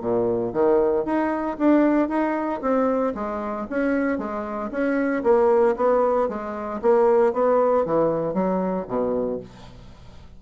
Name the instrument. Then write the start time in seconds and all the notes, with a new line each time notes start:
bassoon
0.00 A#2
0.53 D#3
1.04 D#4
1.58 D4
2.08 D#4
2.61 C4
3.14 G#3
3.69 C#4
4.18 G#3
4.71 C#4
5.23 A#3
5.76 B3
6.28 G#3
6.81 A#3
7.33 B3
7.85 E3
8.33 F#3
8.87 B2